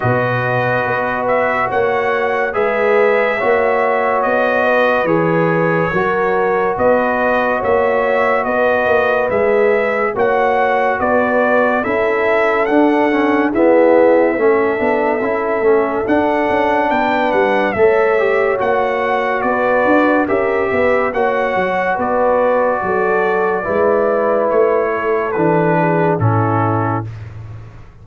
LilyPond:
<<
  \new Staff \with { instrumentName = "trumpet" } { \time 4/4 \tempo 4 = 71 dis''4. e''8 fis''4 e''4~ | e''4 dis''4 cis''2 | dis''4 e''4 dis''4 e''4 | fis''4 d''4 e''4 fis''4 |
e''2. fis''4 | g''8 fis''8 e''4 fis''4 d''4 | e''4 fis''4 d''2~ | d''4 cis''4 b'4 a'4 | }
  \new Staff \with { instrumentName = "horn" } { \time 4/4 b'2 cis''4 b'4 | cis''4. b'4. ais'4 | b'4 cis''4 b'2 | cis''4 b'4 a'2 |
gis'4 a'2. | b'4 cis''2 b'4 | ais'8 b'8 cis''4 b'4 a'4 | b'4. a'4 gis'8 e'4 | }
  \new Staff \with { instrumentName = "trombone" } { \time 4/4 fis'2. gis'4 | fis'2 gis'4 fis'4~ | fis'2. gis'4 | fis'2 e'4 d'8 cis'8 |
b4 cis'8 d'8 e'8 cis'8 d'4~ | d'4 a'8 g'8 fis'2 | g'4 fis'2. | e'2 d'4 cis'4 | }
  \new Staff \with { instrumentName = "tuba" } { \time 4/4 b,4 b4 ais4 gis4 | ais4 b4 e4 fis4 | b4 ais4 b8 ais8 gis4 | ais4 b4 cis'4 d'4 |
e'4 a8 b8 cis'8 a8 d'8 cis'8 | b8 g8 a4 ais4 b8 d'8 | cis'8 b8 ais8 fis8 b4 fis4 | gis4 a4 e4 a,4 | }
>>